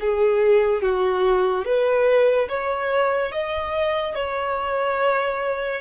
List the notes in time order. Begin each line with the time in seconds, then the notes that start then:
0.00 G#4
0.82 F#4
1.65 B4
2.48 C#5
3.31 D#5
4.15 C#5